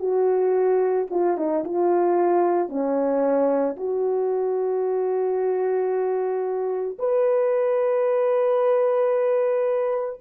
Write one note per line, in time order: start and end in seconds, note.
0.00 1.07 F#4
1.11 1.38 F4
1.38 1.65 D#4
1.65 2.69 F4
2.69 3.76 C#4
3.77 6.98 F#4
6.99 10.20 B4